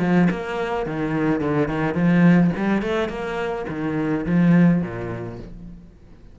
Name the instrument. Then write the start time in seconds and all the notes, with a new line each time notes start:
cello
0.00 F3
0.31 A#3
0.87 D#3
1.41 D3
1.69 D#3
1.95 F3
2.57 G3
2.83 A3
3.09 A#3
3.69 D#3
4.26 F3
4.83 A#2